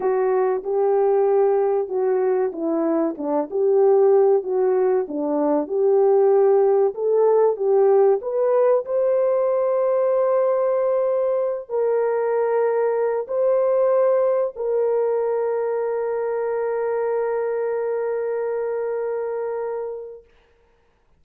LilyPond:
\new Staff \with { instrumentName = "horn" } { \time 4/4 \tempo 4 = 95 fis'4 g'2 fis'4 | e'4 d'8 g'4. fis'4 | d'4 g'2 a'4 | g'4 b'4 c''2~ |
c''2~ c''8 ais'4.~ | ais'4 c''2 ais'4~ | ais'1~ | ais'1 | }